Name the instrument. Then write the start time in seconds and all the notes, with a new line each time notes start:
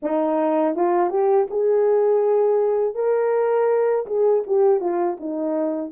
horn
0.02 D#4
0.75 F4
1.09 G4
1.50 G#4
2.95 A#4
4.06 G#4
4.46 G4
4.80 F4
5.20 D#4